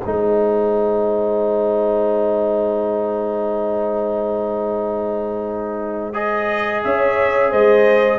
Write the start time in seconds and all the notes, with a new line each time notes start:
0.00 G#3 D#4 C5 G#5
6.13 G#4 D#5
6.84 C#4 C#5 E5
7.50 G#3 C5 D#5